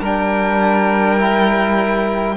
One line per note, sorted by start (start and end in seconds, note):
0.00 2.36 G3
0.00 1.17 D4
0.00 2.35 A#4
0.00 2.37 G5
1.17 2.35 E4